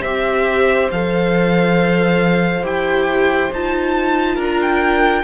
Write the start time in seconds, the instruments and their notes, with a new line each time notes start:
0.00 cello C4, viola G4, violin C5 E5
0.91 cello F3, viola A4, violin F5
2.62 cello E4, viola G4, violin G5
3.52 cello D#4, viola F4, violin A5
4.35 cello D4, violin A#4
4.41 violin A#5
4.61 violin G5